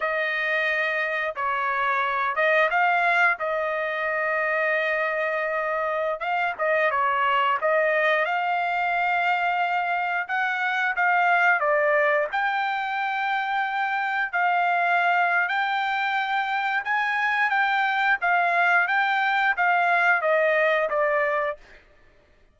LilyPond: \new Staff \with { instrumentName = "trumpet" } { \time 4/4 \tempo 4 = 89 dis''2 cis''4. dis''8 | f''4 dis''2.~ | dis''4~ dis''16 f''8 dis''8 cis''4 dis''8.~ | dis''16 f''2. fis''8.~ |
fis''16 f''4 d''4 g''4.~ g''16~ | g''4~ g''16 f''4.~ f''16 g''4~ | g''4 gis''4 g''4 f''4 | g''4 f''4 dis''4 d''4 | }